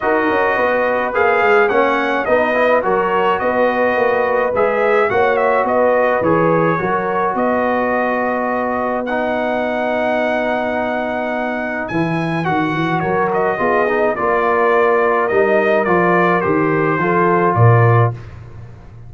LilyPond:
<<
  \new Staff \with { instrumentName = "trumpet" } { \time 4/4 \tempo 4 = 106 dis''2 f''4 fis''4 | dis''4 cis''4 dis''2 | e''4 fis''8 e''8 dis''4 cis''4~ | cis''4 dis''2. |
fis''1~ | fis''4 gis''4 fis''4 cis''8 dis''8~ | dis''4 d''2 dis''4 | d''4 c''2 d''4 | }
  \new Staff \with { instrumentName = "horn" } { \time 4/4 ais'4 b'2 cis''4 | b'4 ais'4 b'2~ | b'4 cis''4 b'2 | ais'4 b'2.~ |
b'1~ | b'2. ais'4 | gis'4 ais'2.~ | ais'2 a'4 ais'4 | }
  \new Staff \with { instrumentName = "trombone" } { \time 4/4 fis'2 gis'4 cis'4 | dis'8 e'8 fis'2. | gis'4 fis'2 gis'4 | fis'1 |
dis'1~ | dis'4 e'4 fis'2 | f'8 dis'8 f'2 dis'4 | f'4 g'4 f'2 | }
  \new Staff \with { instrumentName = "tuba" } { \time 4/4 dis'8 cis'8 b4 ais8 gis8 ais4 | b4 fis4 b4 ais4 | gis4 ais4 b4 e4 | fis4 b2.~ |
b1~ | b4 e4 dis8 e8 fis4 | b4 ais2 g4 | f4 dis4 f4 ais,4 | }
>>